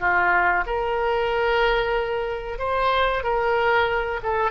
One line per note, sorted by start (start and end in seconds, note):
0.00 0.65 F4
0.66 2.59 A#4
2.59 3.23 C5
3.24 4.21 A#4
4.23 4.51 A4